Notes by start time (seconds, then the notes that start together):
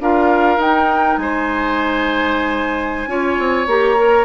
0.00 D4 F4 A#4 F5
0.58 D#4 G5
1.18 G#3 C5 G#5
3.07 C#4 F4 C#5
3.39 C4
3.67 A#3 G4 A#5
3.97 A#4